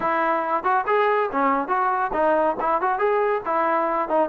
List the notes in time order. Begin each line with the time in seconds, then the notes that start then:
0.00 E4
0.63 F#4
0.86 G#4
1.32 C#4
1.68 F#4
2.13 D#4
2.60 E4
2.81 F#4
2.98 G#4
3.45 E4
4.08 D#4